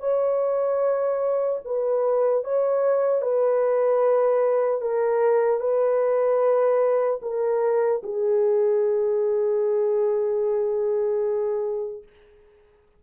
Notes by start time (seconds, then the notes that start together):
0.00 C#5
1.65 B4
2.44 C#5
3.22 B4
4.81 A#4
5.60 B4
7.23 A#4
8.04 G#4